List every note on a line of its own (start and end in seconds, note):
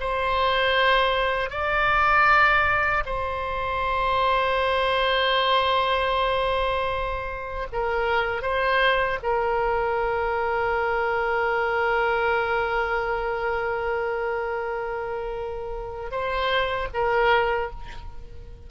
0.00 1.50 C5
1.50 3.04 D5
3.06 7.67 C5
7.73 8.42 A#4
8.42 9.19 C5
9.23 16.12 A#4
16.12 16.88 C5
16.94 17.71 A#4